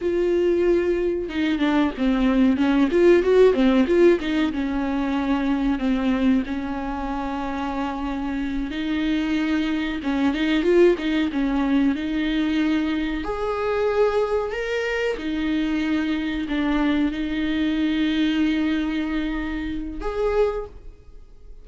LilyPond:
\new Staff \with { instrumentName = "viola" } { \time 4/4 \tempo 4 = 93 f'2 dis'8 d'8 c'4 | cis'8 f'8 fis'8 c'8 f'8 dis'8 cis'4~ | cis'4 c'4 cis'2~ | cis'4. dis'2 cis'8 |
dis'8 f'8 dis'8 cis'4 dis'4.~ | dis'8 gis'2 ais'4 dis'8~ | dis'4. d'4 dis'4.~ | dis'2. gis'4 | }